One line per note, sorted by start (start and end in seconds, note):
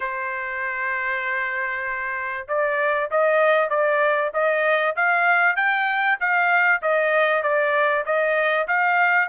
0.00 2.47 C5
2.47 3.09 D5
3.10 3.69 D#5
3.69 4.31 D5
4.33 4.95 D#5
4.96 5.56 F5
5.56 6.17 G5
6.19 6.81 F5
6.82 7.42 D#5
7.42 8.04 D5
8.05 8.67 D#5
8.67 9.28 F5